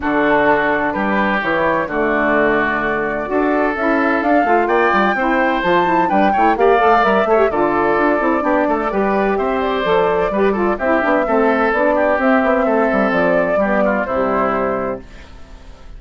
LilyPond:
<<
  \new Staff \with { instrumentName = "flute" } { \time 4/4 \tempo 4 = 128 a'2 b'4 cis''4 | d''1 | e''4 f''4 g''2 | a''4 g''4 f''4 e''4 |
d''1 | e''8 d''2~ d''8 e''4~ | e''4 d''4 e''2 | d''2 c''2 | }
  \new Staff \with { instrumentName = "oboe" } { \time 4/4 fis'2 g'2 | fis'2. a'4~ | a'2 d''4 c''4~ | c''4 b'8 cis''8 d''4. cis''8 |
a'2 g'8 a'8 b'4 | c''2 b'8 a'8 g'4 | a'4. g'4. a'4~ | a'4 g'8 f'8 e'2 | }
  \new Staff \with { instrumentName = "saxophone" } { \time 4/4 d'2. e'4 | a2. fis'4 | e'4 d'8 f'4. e'4 | f'8 e'8 d'8 e'8 g'8 a'8 ais'8 a'16 g'16 |
f'4. e'8 d'4 g'4~ | g'4 a'4 g'8 f'8 e'8 d'8 | c'4 d'4 c'2~ | c'4 b4 g2 | }
  \new Staff \with { instrumentName = "bassoon" } { \time 4/4 d2 g4 e4 | d2. d'4 | cis'4 d'8 a8 ais8 g8 c'4 | f4 g8 a8 ais8 a8 g8 a8 |
d4 d'8 c'8 b8 a8 g4 | c'4 f4 g4 c'8 b8 | a4 b4 c'8 b8 a8 g8 | f4 g4 c2 | }
>>